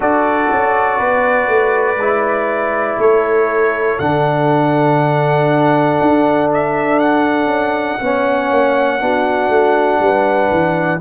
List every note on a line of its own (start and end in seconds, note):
0.00 0.50 D4
0.00 1.96 F#4
0.00 0.98 A4
0.00 3.00 D5
0.52 1.00 C#4
0.98 1.47 B3
0.98 2.98 B4
1.47 1.96 A3
1.96 2.96 G#3
1.96 3.99 E4
2.98 3.98 A3
2.98 8.00 A4
2.98 3.99 C#5
3.99 6.00 D3
3.99 7.99 D4
3.99 6.49 F#5
6.00 7.46 D4
6.53 6.99 E5
6.99 10.99 F#5
7.46 7.96 C#4
8.00 8.50 B3
8.00 8.99 C#4
8.00 9.01 C#5
8.50 9.00 A#3
8.99 9.48 B3
8.99 10.99 D4
8.99 10.01 F#4
9.48 9.98 A3
9.99 10.49 G3
9.99 11.01 B4
10.51 11.01 E3